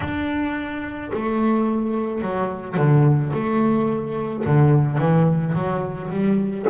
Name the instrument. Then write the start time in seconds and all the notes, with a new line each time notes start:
double bass
0.00 D4
1.12 A3
2.21 F#3
2.76 D3
3.33 A3
4.45 D3
4.97 E3
5.54 F#3
6.10 G3